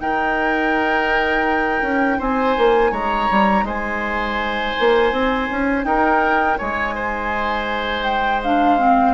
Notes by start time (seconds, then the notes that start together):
0.00 D#4 A#4 G5
1.82 C#4
2.18 C4 C5 G#5
2.57 A#3
2.91 G#3 C#5 A#5
3.31 G3
3.63 G#3 C5 G#5
4.80 A#3
5.12 C4
5.51 C#4
5.85 D#4 A#4 G5
6.58 G#3 C#5 G#5
6.95 C5
8.04 G5
8.43 D4 F5
8.79 C4